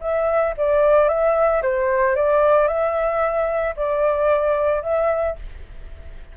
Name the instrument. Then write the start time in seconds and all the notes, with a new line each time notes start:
flute
0.00 E5
0.57 D5
1.08 E5
1.62 C5
2.16 D5
2.67 E5
3.76 D5
4.82 E5